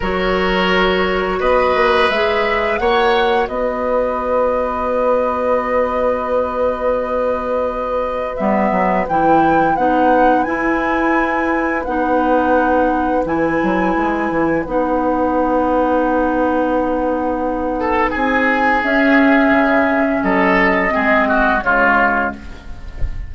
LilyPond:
<<
  \new Staff \with { instrumentName = "flute" } { \time 4/4 \tempo 4 = 86 cis''2 dis''4 e''4 | fis''4 dis''2.~ | dis''1 | e''4 g''4 fis''4 gis''4~ |
gis''4 fis''2 gis''4~ | gis''4 fis''2.~ | fis''2 gis''4 e''4~ | e''4 dis''2 cis''4 | }
  \new Staff \with { instrumentName = "oboe" } { \time 4/4 ais'2 b'2 | cis''4 b'2.~ | b'1~ | b'1~ |
b'1~ | b'1~ | b'4. a'8 gis'2~ | gis'4 a'4 gis'8 fis'8 f'4 | }
  \new Staff \with { instrumentName = "clarinet" } { \time 4/4 fis'2. gis'4 | fis'1~ | fis'1 | b4 e'4 dis'4 e'4~ |
e'4 dis'2 e'4~ | e'4 dis'2.~ | dis'2. cis'4~ | cis'2 c'4 gis4 | }
  \new Staff \with { instrumentName = "bassoon" } { \time 4/4 fis2 b8 ais8 gis4 | ais4 b2.~ | b1 | g8 fis8 e4 b4 e'4~ |
e'4 b2 e8 fis8 | gis8 e8 b2.~ | b2 c'4 cis'4 | cis4 fis4 gis4 cis4 | }
>>